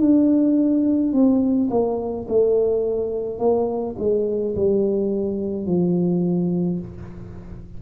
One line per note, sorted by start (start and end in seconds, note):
0.00 1.13 D4
1.13 1.69 C4
1.70 2.27 A#3
2.28 3.39 A3
3.39 3.96 A#3
3.99 4.55 G#3
4.55 5.67 G3
5.67 6.80 F3